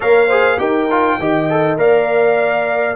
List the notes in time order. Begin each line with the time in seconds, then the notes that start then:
0.00 A#3 A#4 C#5 F5
0.27 G#4 C5
0.58 D#4 G4 A#4 G5
0.90 F4
1.19 D#3 G4 D#5
1.49 A4
1.76 A#3 A#4 D5 F5